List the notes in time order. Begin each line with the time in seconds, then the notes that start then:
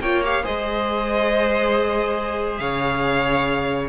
0.00 A#3 F4 C#5 G5
0.23 G4 F5
0.43 G#3 G#4 C5 D#5
2.57 C#3 C#5 F5